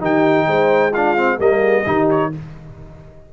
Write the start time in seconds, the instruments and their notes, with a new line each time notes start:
0.00 tuba D#3, trombone D#4, horn G4, trumpet G5
0.47 tuba G#3, horn C5
0.92 trombone D4, horn F4, trumpet F5
1.17 trombone C4
1.39 tuba G3, trombone A#3, horn A#4, trumpet D#5
1.60 horn G#4
1.86 tuba D#3, trombone D#4, horn G4
2.10 trumpet C#5